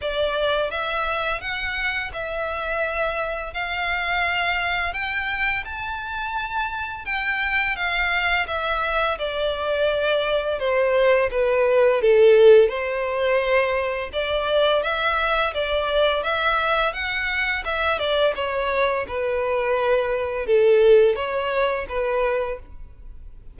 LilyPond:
\new Staff \with { instrumentName = "violin" } { \time 4/4 \tempo 4 = 85 d''4 e''4 fis''4 e''4~ | e''4 f''2 g''4 | a''2 g''4 f''4 | e''4 d''2 c''4 |
b'4 a'4 c''2 | d''4 e''4 d''4 e''4 | fis''4 e''8 d''8 cis''4 b'4~ | b'4 a'4 cis''4 b'4 | }